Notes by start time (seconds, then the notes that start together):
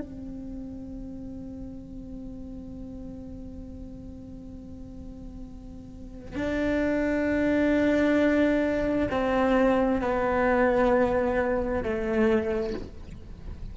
0.00 C4
6.36 D4
9.11 C4
10.02 B3
11.83 A3